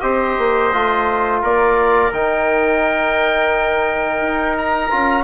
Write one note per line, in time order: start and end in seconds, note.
0.00 0.37 C4
0.00 0.71 G4
0.00 1.42 C5
0.00 1.40 D#5
0.38 0.73 A#3
0.73 1.43 A3
0.73 2.12 F4
1.42 2.12 A#3
1.42 5.24 A#4
1.42 2.13 D5
2.12 4.21 D#3
2.12 4.90 D#4
2.12 4.57 G5
4.21 4.91 D#4
4.58 5.24 A#5
4.90 5.24 C#4
4.90 5.24 F4